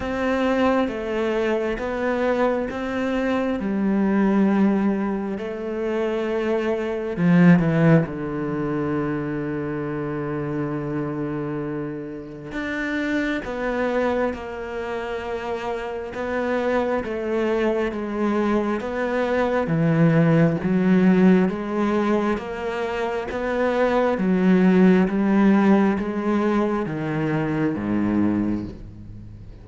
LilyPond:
\new Staff \with { instrumentName = "cello" } { \time 4/4 \tempo 4 = 67 c'4 a4 b4 c'4 | g2 a2 | f8 e8 d2.~ | d2 d'4 b4 |
ais2 b4 a4 | gis4 b4 e4 fis4 | gis4 ais4 b4 fis4 | g4 gis4 dis4 gis,4 | }